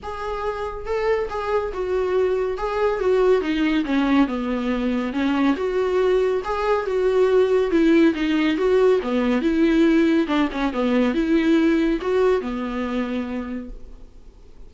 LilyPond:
\new Staff \with { instrumentName = "viola" } { \time 4/4 \tempo 4 = 140 gis'2 a'4 gis'4 | fis'2 gis'4 fis'4 | dis'4 cis'4 b2 | cis'4 fis'2 gis'4 |
fis'2 e'4 dis'4 | fis'4 b4 e'2 | d'8 cis'8 b4 e'2 | fis'4 b2. | }